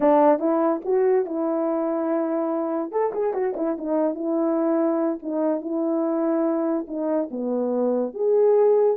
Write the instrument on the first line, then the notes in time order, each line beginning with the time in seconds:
horn
0.00 D4
0.39 E4
0.84 F#4
1.25 E4
2.91 A4
3.12 G#4
3.33 F#4
3.56 E4
3.78 D#4
4.14 E4
5.22 D#4
5.61 E4
6.87 D#4
7.30 B3
8.13 G#4